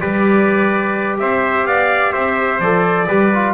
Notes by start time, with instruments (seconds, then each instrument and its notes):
0.00 double bass G3, trombone G4, trumpet B4 D5
1.19 double bass C4, trumpet C5 E5
1.65 double bass B3, trumpet D5 F5
2.12 double bass C4, trumpet C5 E5
2.60 double bass F3, trombone A4, trumpet D5
3.07 double bass G3, trombone G4, trumpet B4
3.34 trombone F4